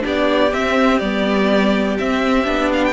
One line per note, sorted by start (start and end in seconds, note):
0.00 0.52 B3
0.00 0.49 D4
0.00 2.92 G4
0.07 0.53 D5
0.52 1.01 C4
0.52 1.02 C4
0.52 0.98 E5
0.98 1.98 G3
0.98 1.99 B3
0.98 1.96 D5
1.98 2.44 C4
1.98 2.47 C4
1.98 2.71 E5
2.44 2.92 B3
2.44 2.92 D4
2.72 2.84 F5
2.84 2.92 G5